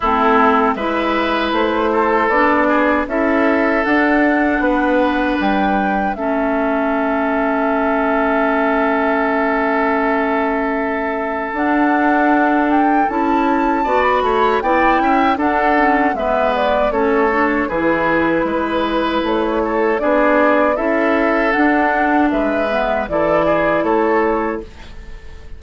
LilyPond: <<
  \new Staff \with { instrumentName = "flute" } { \time 4/4 \tempo 4 = 78 a'4 e''4 c''4 d''4 | e''4 fis''2 g''4 | e''1~ | e''2. fis''4~ |
fis''8 g''8 a''4~ a''16 b''8. g''4 | fis''4 e''8 d''8 cis''4 b'4~ | b'4 cis''4 d''4 e''4 | fis''4 e''4 d''4 cis''4 | }
  \new Staff \with { instrumentName = "oboe" } { \time 4/4 e'4 b'4. a'4 gis'8 | a'2 b'2 | a'1~ | a'1~ |
a'2 d''8 cis''8 d''8 e''8 | a'4 b'4 a'4 gis'4 | b'4. a'8 gis'4 a'4~ | a'4 b'4 a'8 gis'8 a'4 | }
  \new Staff \with { instrumentName = "clarinet" } { \time 4/4 c'4 e'2 d'4 | e'4 d'2. | cis'1~ | cis'2. d'4~ |
d'4 e'4 fis'4 e'4 | d'8 cis'8 b4 cis'8 d'8 e'4~ | e'2 d'4 e'4 | d'4. b8 e'2 | }
  \new Staff \with { instrumentName = "bassoon" } { \time 4/4 a4 gis4 a4 b4 | cis'4 d'4 b4 g4 | a1~ | a2. d'4~ |
d'4 cis'4 b8 a8 b8 cis'8 | d'4 gis4 a4 e4 | gis4 a4 b4 cis'4 | d'4 gis4 e4 a4 | }
>>